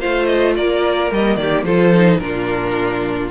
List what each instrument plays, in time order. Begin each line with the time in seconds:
0.00 cello A3, viola F4, violin C5 F5
0.26 violin D#5
0.56 cello A#3, violin A#4 D5
1.11 cello G3, viola A#3, violin D#5
1.36 cello D#3, violin G4 D5
1.63 cello F3, viola F4, violin A4 C5
1.94 viola D#4
2.19 cello A#2, viola D4, violin F4 A#4